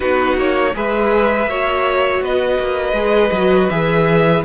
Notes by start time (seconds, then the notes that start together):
0.00 B3 D#4 F#4 B4
0.37 A#3 C#5
0.74 G#3 G#4 B4 E5
1.46 A#3 F#4 C#5
2.21 B3 B4 D#5
2.59 A#3
2.92 G#3 G#4
3.31 F#3 F#4
3.69 E3 G#4 E5